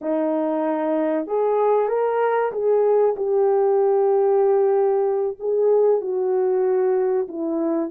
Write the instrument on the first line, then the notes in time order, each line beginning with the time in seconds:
horn
0.01 D#4
1.27 G#4
1.88 A#4
2.51 G#4
3.16 G4
5.39 G#4
6.01 F#4
7.28 E4